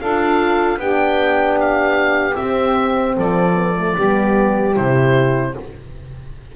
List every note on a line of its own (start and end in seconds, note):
0.00 0.77 D4
0.00 0.80 F4
0.00 0.79 A4
0.00 0.79 F5
0.77 2.35 B3
0.77 2.34 D4
0.77 3.15 G4
0.77 1.59 G5
1.60 2.36 F5
2.34 3.52 C4
2.34 3.14 E5
2.40 3.17 C4
3.15 3.96 F3
3.15 3.94 A4
3.15 4.76 D5
3.55 3.75 B3
3.77 3.97 A3
3.94 4.77 G3
3.94 4.76 B3
3.94 5.52 G4
4.76 5.56 C3
4.76 5.55 E4
4.76 5.55 C5